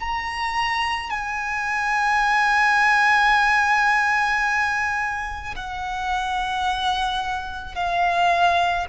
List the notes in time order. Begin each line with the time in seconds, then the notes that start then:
0.00 A#5
1.10 G#5
5.56 F#5
7.75 F5